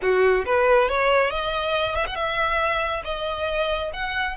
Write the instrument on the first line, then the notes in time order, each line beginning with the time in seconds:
violin
0.01 F#4
0.45 B4
0.88 C#5
1.30 D#5
1.95 E5
2.06 F#5
2.15 E5
3.04 D#5
3.93 F#5